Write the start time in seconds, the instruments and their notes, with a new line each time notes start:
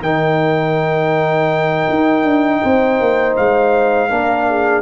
0.00 tuba D#3, trombone D#4, horn A#4, trumpet G5
1.89 tuba D#4
2.23 tuba D4
2.61 tuba C4, horn C5
3.00 tuba A#3
3.36 tuba G#3, trumpet F5
4.09 tuba A#3, trombone D4, horn A#4
4.49 horn G#4